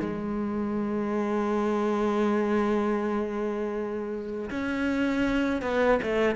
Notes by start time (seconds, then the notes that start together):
0.00 G#3
4.50 C#4
5.62 B3
6.02 A3